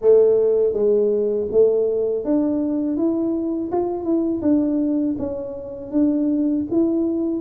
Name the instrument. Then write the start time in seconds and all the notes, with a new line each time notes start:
tuba
0.01 A3
0.73 G#3
1.51 A3
2.24 D4
2.96 E4
3.71 F4
4.04 E4
4.41 D4
5.18 C#4
5.91 D4
6.70 E4